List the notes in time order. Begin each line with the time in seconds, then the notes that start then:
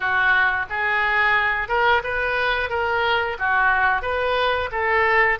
0.00 F#4
0.69 G#4
1.68 A#4
2.03 B4
2.69 A#4
3.38 F#4
4.02 B4
4.71 A4